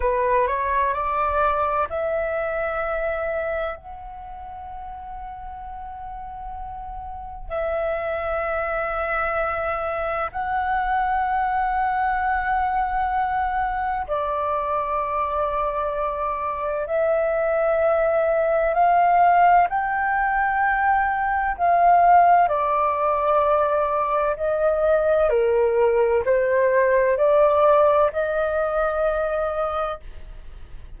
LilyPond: \new Staff \with { instrumentName = "flute" } { \time 4/4 \tempo 4 = 64 b'8 cis''8 d''4 e''2 | fis''1 | e''2. fis''4~ | fis''2. d''4~ |
d''2 e''2 | f''4 g''2 f''4 | d''2 dis''4 ais'4 | c''4 d''4 dis''2 | }